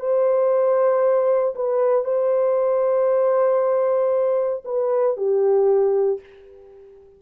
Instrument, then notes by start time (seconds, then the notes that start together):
horn
0.00 C5
1.56 B4
2.05 C5
4.66 B4
5.17 G4